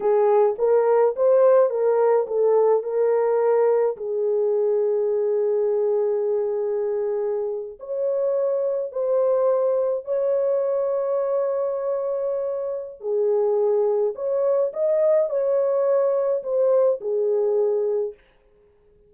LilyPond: \new Staff \with { instrumentName = "horn" } { \time 4/4 \tempo 4 = 106 gis'4 ais'4 c''4 ais'4 | a'4 ais'2 gis'4~ | gis'1~ | gis'4.~ gis'16 cis''2 c''16~ |
c''4.~ c''16 cis''2~ cis''16~ | cis''2. gis'4~ | gis'4 cis''4 dis''4 cis''4~ | cis''4 c''4 gis'2 | }